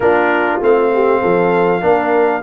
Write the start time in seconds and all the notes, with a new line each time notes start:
0.00 A#3 D4 F4 A#4
0.61 A3 C4 F5
0.93 G4
1.20 F3 A4
1.81 A#3 D4 A#4